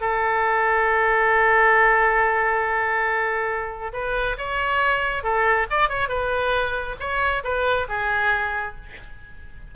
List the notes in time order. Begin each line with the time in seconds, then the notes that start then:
0.00 A4
3.93 B4
4.37 C#5
5.23 A4
5.70 D5
5.89 C#5
6.08 B4
6.99 C#5
7.43 B4
7.88 G#4